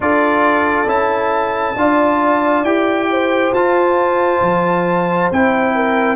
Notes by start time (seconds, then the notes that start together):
0.00 D4 F4 A4 D5
0.86 C#4 E4 A5
1.75 D4 F4 D5
2.62 E4 G4 G5
3.10 C5
3.52 F4 A5
4.41 F3
5.31 C4 E4 G5
5.75 A#4